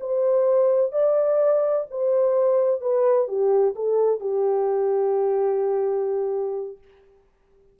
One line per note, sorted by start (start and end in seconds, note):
0.00 0.92 C5
0.92 1.86 D5
1.90 2.81 C5
2.81 3.27 B4
3.27 3.74 G4
3.75 4.20 A4
4.20 6.78 G4